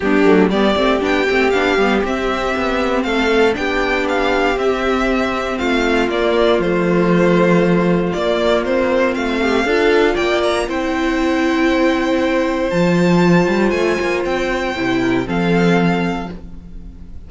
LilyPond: <<
  \new Staff \with { instrumentName = "violin" } { \time 4/4 \tempo 4 = 118 g'4 d''4 g''4 f''4 | e''2 f''4 g''4 | f''4 e''2 f''4 | d''4 c''2. |
d''4 c''4 f''2 | g''8 ais''8 g''2.~ | g''4 a''2 gis''4 | g''2 f''2 | }
  \new Staff \with { instrumentName = "violin" } { \time 4/4 d'4 g'2.~ | g'2 a'4 g'4~ | g'2. f'4~ | f'1~ |
f'2~ f'8 g'8 a'4 | d''4 c''2.~ | c''1~ | c''4. ais'8 a'2 | }
  \new Staff \with { instrumentName = "viola" } { \time 4/4 b8 a8 b8 c'8 d'8 c'8 d'8 b8 | c'2. d'4~ | d'4 c'2. | ais4 a2. |
ais4 c'2 f'4~ | f'4 e'2.~ | e'4 f'2.~ | f'4 e'4 c'2 | }
  \new Staff \with { instrumentName = "cello" } { \time 4/4 g8 fis8 g8 a8 b8 a8 b8 g8 | c'4 b4 a4 b4~ | b4 c'2 a4 | ais4 f2. |
ais2 a4 d'4 | ais4 c'2.~ | c'4 f4. g8 a8 ais8 | c'4 c4 f2 | }
>>